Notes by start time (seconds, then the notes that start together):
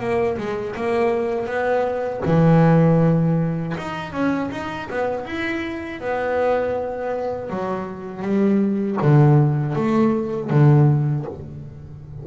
0.00 A#3
0.38 G#3
0.76 A#3
1.47 B3
2.26 E3
3.78 D#4
4.12 C#4
4.51 D#4
4.90 B3
5.26 E4
6.01 B3
7.50 F#3
8.22 G3
9.02 D3
9.76 A3
10.51 D3